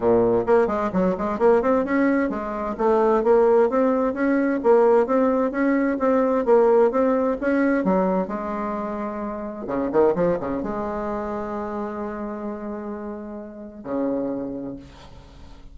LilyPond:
\new Staff \with { instrumentName = "bassoon" } { \time 4/4 \tempo 4 = 130 ais,4 ais8 gis8 fis8 gis8 ais8 c'8 | cis'4 gis4 a4 ais4 | c'4 cis'4 ais4 c'4 | cis'4 c'4 ais4 c'4 |
cis'4 fis4 gis2~ | gis4 cis8 dis8 f8 cis8 gis4~ | gis1~ | gis2 cis2 | }